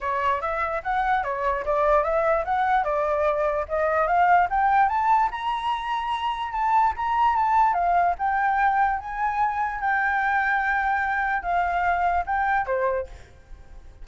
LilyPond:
\new Staff \with { instrumentName = "flute" } { \time 4/4 \tempo 4 = 147 cis''4 e''4 fis''4 cis''4 | d''4 e''4 fis''4 d''4~ | d''4 dis''4 f''4 g''4 | a''4 ais''2. |
a''4 ais''4 a''4 f''4 | g''2 gis''2 | g''1 | f''2 g''4 c''4 | }